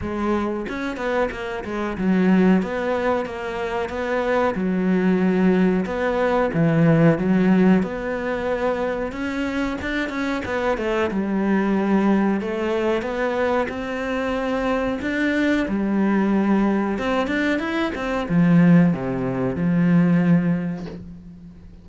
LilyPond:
\new Staff \with { instrumentName = "cello" } { \time 4/4 \tempo 4 = 92 gis4 cis'8 b8 ais8 gis8 fis4 | b4 ais4 b4 fis4~ | fis4 b4 e4 fis4 | b2 cis'4 d'8 cis'8 |
b8 a8 g2 a4 | b4 c'2 d'4 | g2 c'8 d'8 e'8 c'8 | f4 c4 f2 | }